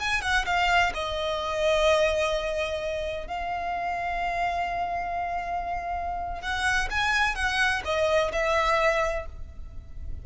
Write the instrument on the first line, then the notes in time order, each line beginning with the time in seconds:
violin
0.00 G#5
0.22 F#5
0.46 F5
0.95 D#5
3.28 F5
6.42 F#5
6.91 G#5
7.36 F#5
7.85 D#5
8.33 E5